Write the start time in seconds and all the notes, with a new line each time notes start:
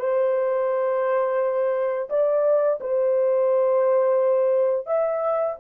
0.00 C5
2.10 D5
2.81 C5
4.87 E5